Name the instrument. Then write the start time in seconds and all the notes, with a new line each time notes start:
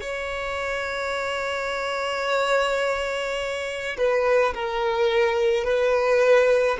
violin
0.00 C#5
3.97 B4
4.54 A#4
5.63 B4